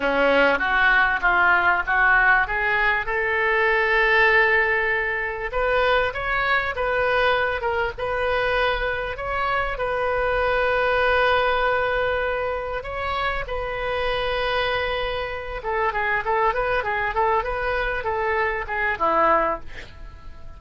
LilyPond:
\new Staff \with { instrumentName = "oboe" } { \time 4/4 \tempo 4 = 98 cis'4 fis'4 f'4 fis'4 | gis'4 a'2.~ | a'4 b'4 cis''4 b'4~ | b'8 ais'8 b'2 cis''4 |
b'1~ | b'4 cis''4 b'2~ | b'4. a'8 gis'8 a'8 b'8 gis'8 | a'8 b'4 a'4 gis'8 e'4 | }